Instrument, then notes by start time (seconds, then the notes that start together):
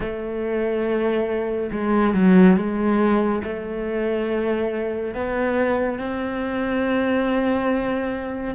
cello
0.00 A3
1.71 G#3
2.14 F#3
2.56 G#3
3.43 A3
5.14 B3
5.98 C4